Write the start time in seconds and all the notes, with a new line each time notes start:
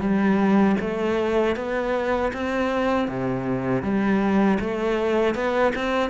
0.00 G3
0.80 A3
1.56 B3
2.33 C4
3.08 C3
3.83 G3
4.60 A3
5.35 B3
5.75 C4